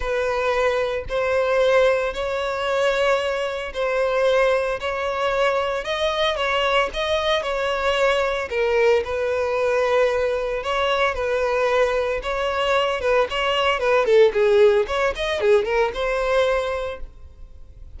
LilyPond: \new Staff \with { instrumentName = "violin" } { \time 4/4 \tempo 4 = 113 b'2 c''2 | cis''2. c''4~ | c''4 cis''2 dis''4 | cis''4 dis''4 cis''2 |
ais'4 b'2. | cis''4 b'2 cis''4~ | cis''8 b'8 cis''4 b'8 a'8 gis'4 | cis''8 dis''8 gis'8 ais'8 c''2 | }